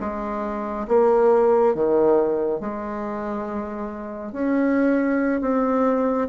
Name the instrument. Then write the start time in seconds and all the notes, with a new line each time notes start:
bassoon
0.00 G#3
0.87 A#3
1.75 D#3
2.60 G#3
4.32 C#4
5.41 C4